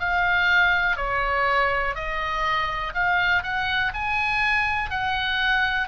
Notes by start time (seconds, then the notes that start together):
0.00 F5
0.97 C#5
1.95 D#5
2.95 F5
3.43 F#5
3.94 G#5
4.90 F#5